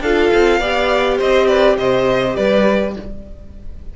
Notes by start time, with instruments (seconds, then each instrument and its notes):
0.00 cello D4, viola F4, violin A4 F5
0.34 cello C4
0.60 cello B3, viola G4, violin D5
1.18 cello C4, violin C5 D#5
1.47 violin B4 D5
1.77 cello C3, violin C5 D#5
2.36 cello G3, violin B4 D5